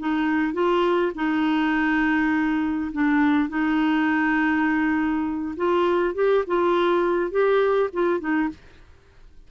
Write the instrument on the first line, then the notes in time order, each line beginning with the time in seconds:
clarinet
0.00 D#4
0.54 F4
1.15 D#4
2.93 D4
3.50 D#4
5.57 F4
6.15 G4
6.47 F4
7.31 G4
7.94 F4
8.20 D#4